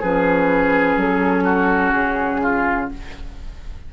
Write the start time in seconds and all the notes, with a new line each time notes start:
0.00 F3 C#4 G#4 B4
0.96 F#3 A4
1.44 F#4
1.92 C#3 G#4
2.42 F4